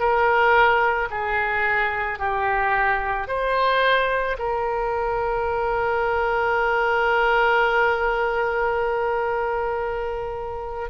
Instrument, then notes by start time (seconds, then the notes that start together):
oboe
0.00 A#4
1.11 G#4
2.19 G4
3.28 C5
4.39 A#4